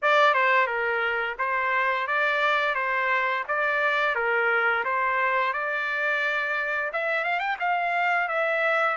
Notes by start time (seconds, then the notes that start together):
0.02 D5
0.34 C5
0.66 A#4
1.38 C5
2.07 D5
2.75 C5
3.48 D5
4.15 A#4
4.84 C5
5.53 D5
6.92 E5
7.24 F5
7.39 G5
7.59 F5
8.28 E5